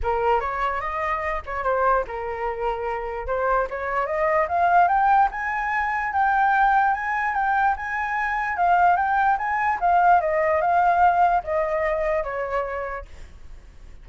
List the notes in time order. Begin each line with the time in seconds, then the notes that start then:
0.03 A#4
0.40 C#5
0.81 D#5
1.46 C#5
1.63 C5
2.07 A#4
3.27 C5
3.70 C#5
4.06 D#5
4.48 F5
4.88 G5
5.31 G#5
6.13 G5
6.94 G#5
7.34 G5
7.76 G#5
8.56 F5
8.96 G5
9.37 G#5
9.80 F5
10.20 D#5
10.61 F5
11.43 D#5
12.23 C#5